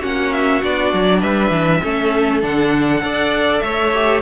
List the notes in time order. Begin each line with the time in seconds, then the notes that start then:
0.00 A#3 C#4 F#4 F#5
0.33 E5
0.62 B3 D4 D5
0.94 F#3
1.20 G3 B4 E5
1.51 E3
1.82 A3 C#4 A4
2.42 D3 D4 F#5
3.02 D4 A4 D5
3.60 A3 C#5 E5
3.94 G4